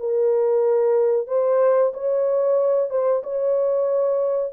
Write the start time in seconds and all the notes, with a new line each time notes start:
0.00 A#4
1.27 C5
1.94 C#5
2.90 C5
3.23 C#5